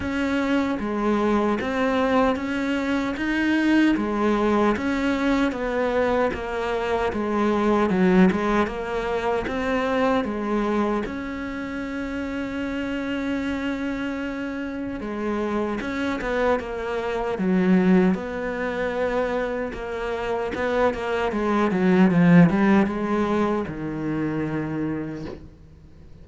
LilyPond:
\new Staff \with { instrumentName = "cello" } { \time 4/4 \tempo 4 = 76 cis'4 gis4 c'4 cis'4 | dis'4 gis4 cis'4 b4 | ais4 gis4 fis8 gis8 ais4 | c'4 gis4 cis'2~ |
cis'2. gis4 | cis'8 b8 ais4 fis4 b4~ | b4 ais4 b8 ais8 gis8 fis8 | f8 g8 gis4 dis2 | }